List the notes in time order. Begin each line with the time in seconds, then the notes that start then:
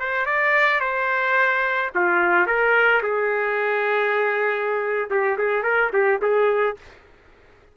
0.00 C5
0.26 D5
0.81 C5
1.95 F4
2.47 A#4
3.03 G#4
5.10 G4
5.38 G#4
5.63 A#4
5.93 G4
6.22 G#4